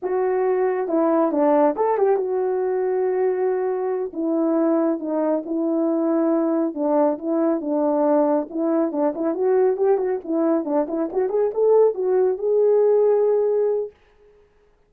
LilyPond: \new Staff \with { instrumentName = "horn" } { \time 4/4 \tempo 4 = 138 fis'2 e'4 d'4 | a'8 g'8 fis'2.~ | fis'4. e'2 dis'8~ | dis'8 e'2. d'8~ |
d'8 e'4 d'2 e'8~ | e'8 d'8 e'8 fis'4 g'8 fis'8 e'8~ | e'8 d'8 e'8 fis'8 gis'8 a'4 fis'8~ | fis'8 gis'2.~ gis'8 | }